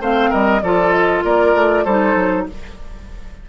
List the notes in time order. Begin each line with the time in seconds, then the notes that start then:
0.00 A3 C4 C5 F5
0.30 G3 A#4 D#5
0.62 F3 F4 A4 D5
0.92 D#5
1.24 A#3 A#4 D5
1.54 A3
1.84 G3 D#4 A4 C5
2.15 F#3